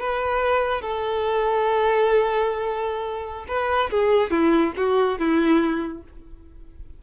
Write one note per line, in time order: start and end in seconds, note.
0.00 0.81 B4
0.81 3.45 A4
3.48 3.90 B4
3.90 4.30 G#4
4.30 4.73 E4
4.77 5.18 F#4
5.18 6.03 E4